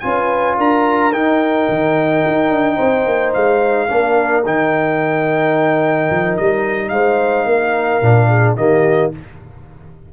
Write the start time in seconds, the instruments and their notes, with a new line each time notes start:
0.00 tuba C#4, trombone F4, horn B4, trumpet G#5
0.57 tuba D4, horn A#4, trumpet A#5
1.13 tuba D#4, trombone D#4, trumpet G5
1.69 tuba D#3
2.28 tuba D#4
2.50 tuba D4
2.76 tuba C4, horn C5
3.07 tuba A#3
3.34 tuba G#3, trumpet F5
3.89 tuba A#3, trombone D4, horn A#4
4.45 tuba D#3, trombone D#4, trumpet G5
6.11 tuba F3
6.37 tuba G3, trumpet D#5
6.89 tuba G#3, horn C5, trumpet F5
7.46 tuba A#3, horn A#4
8.02 tuba A#2, trombone D4
8.29 horn G#4
8.57 tuba D#3, trombone A#3, horn G4, trumpet D#5